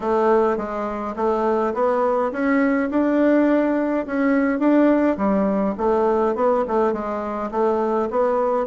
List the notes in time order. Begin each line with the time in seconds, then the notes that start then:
0.00 A3
0.57 G#3
1.16 A3
1.74 B3
2.32 C#4
2.90 D4
4.06 C#4
4.59 D4
5.17 G3
5.77 A3
6.35 B3
6.67 A3
6.92 G#3
7.51 A3
8.10 B3